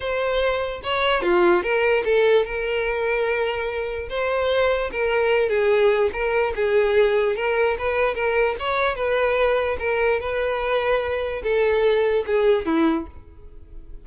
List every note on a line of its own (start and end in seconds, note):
0.00 0.81 C5
0.83 1.22 C#5
1.22 1.62 F4
1.62 2.03 A#4
2.04 2.45 A4
2.45 4.08 A#4
4.09 4.91 C5
4.92 5.49 A#4
5.49 6.10 G#4
6.12 6.53 A#4
6.55 7.36 G#4
7.36 7.77 A#4
7.78 8.14 B4
8.14 8.55 A#4
8.59 8.95 C#5
8.95 9.77 B4
9.79 10.19 A#4
10.20 11.42 B4
11.43 12.24 A4
12.26 12.65 G#4
12.65 13.06 E4